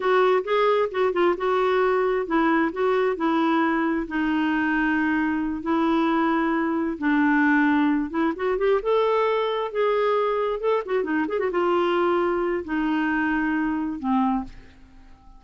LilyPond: \new Staff \with { instrumentName = "clarinet" } { \time 4/4 \tempo 4 = 133 fis'4 gis'4 fis'8 f'8 fis'4~ | fis'4 e'4 fis'4 e'4~ | e'4 dis'2.~ | dis'8 e'2. d'8~ |
d'2 e'8 fis'8 g'8 a'8~ | a'4. gis'2 a'8 | fis'8 dis'8 gis'16 fis'16 f'2~ f'8 | dis'2. c'4 | }